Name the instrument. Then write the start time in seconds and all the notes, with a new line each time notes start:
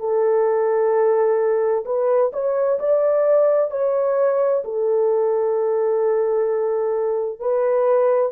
horn
0.00 A4
1.85 B4
2.33 C#5
2.79 D5
3.71 C#5
4.65 A4
7.40 B4